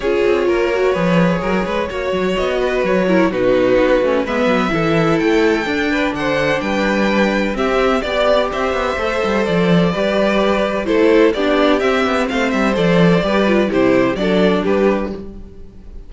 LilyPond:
<<
  \new Staff \with { instrumentName = "violin" } { \time 4/4 \tempo 4 = 127 cis''1~ | cis''4 dis''4 cis''4 b'4~ | b'4 e''2 g''4~ | g''4 fis''4 g''2 |
e''4 d''4 e''2 | d''2. c''4 | d''4 e''4 f''8 e''8 d''4~ | d''4 c''4 d''4 b'4 | }
  \new Staff \with { instrumentName = "violin" } { \time 4/4 gis'4 ais'4 b'4 ais'8 b'8 | cis''4. b'4 ais'8 fis'4~ | fis'4 b'4 a'2~ | a'8 b'8 c''4 b'2 |
g'4 d''4 c''2~ | c''4 b'2 a'4 | g'2 c''2 | b'4 g'4 a'4 g'4 | }
  \new Staff \with { instrumentName = "viola" } { \time 4/4 f'4. fis'8 gis'2 | fis'2~ fis'8 e'8 dis'4~ | dis'8 cis'8 b4 e'2 | d'1 |
c'4 g'2 a'4~ | a'4 g'2 e'4 | d'4 c'2 a'4 | g'8 f'8 e'4 d'2 | }
  \new Staff \with { instrumentName = "cello" } { \time 4/4 cis'8 c'8 ais4 f4 fis8 gis8 | ais8 fis8 b4 fis4 b,4 | b8 a8 gis8 fis8 e4 a4 | d'4 d4 g2 |
c'4 b4 c'8 b8 a8 g8 | f4 g2 a4 | b4 c'8 b8 a8 g8 f4 | g4 c4 fis4 g4 | }
>>